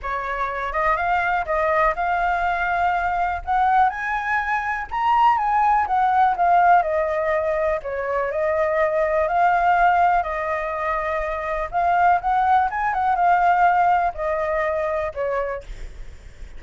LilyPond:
\new Staff \with { instrumentName = "flute" } { \time 4/4 \tempo 4 = 123 cis''4. dis''8 f''4 dis''4 | f''2. fis''4 | gis''2 ais''4 gis''4 | fis''4 f''4 dis''2 |
cis''4 dis''2 f''4~ | f''4 dis''2. | f''4 fis''4 gis''8 fis''8 f''4~ | f''4 dis''2 cis''4 | }